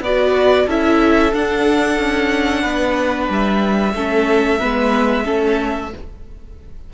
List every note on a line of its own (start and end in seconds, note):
0.00 0.65 B3
0.00 0.68 F#4
0.00 0.66 B4
0.00 0.69 D5
0.66 1.33 C#4
0.66 1.32 E4
0.66 2.61 A4
0.66 1.34 E5
1.32 3.93 D4
1.32 1.99 D4
1.32 3.29 F#5
1.99 2.64 C#4
2.62 3.29 B3
2.62 3.92 B4
3.29 3.94 G3
3.29 5.93 E5
3.94 4.59 A3
3.94 4.60 C#4
3.94 4.59 A4
4.59 5.28 G#3
4.59 5.24 B3
4.59 5.24 B4
5.24 5.93 A3
5.24 5.90 C#4
5.24 5.90 A4